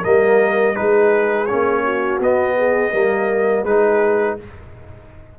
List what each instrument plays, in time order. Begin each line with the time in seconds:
0.00 tuba G3, trombone A#3, horn A#4, trumpet D#5
0.74 tuba G#3, trombone D#4, horn G#4, trumpet B4
1.46 tuba A#3, trombone C#4, trumpet C#5
1.83 horn F#4
2.19 tuba B3, trombone B3, trumpet D#5
2.57 horn G#4
2.91 tuba G3, trombone A#3, horn A#4
3.63 tuba G#3, trombone D#4, horn G#4, trumpet B4